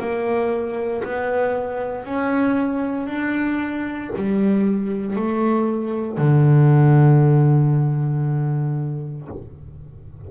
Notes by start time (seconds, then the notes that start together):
0.00 A#3
1.04 B3
2.05 C#4
3.07 D4
4.16 G3
5.16 A3
6.18 D3